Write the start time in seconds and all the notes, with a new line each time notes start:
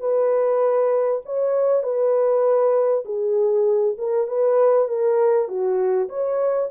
0.00 B4
1.25 C#5
1.83 B4
3.05 G#4
3.98 A#4
4.28 B4
4.88 A#4
5.48 F#4
6.09 C#5